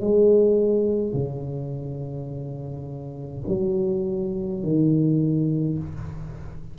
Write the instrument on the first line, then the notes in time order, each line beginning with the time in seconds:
tuba
0.00 G#3
1.13 C#3
3.47 F#3
4.63 D#3